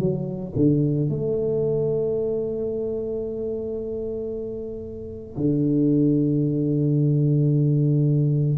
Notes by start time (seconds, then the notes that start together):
0.00 F#3
0.56 D3
1.10 A3
5.37 D3